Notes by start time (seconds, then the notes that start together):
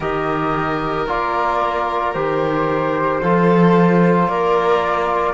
0.00 D#3 G4 A#4 D#5
1.07 A#3 F4 D5
2.13 D#3 G4 C5
3.22 F3 F4 A4
4.27 A#3 A#4 D5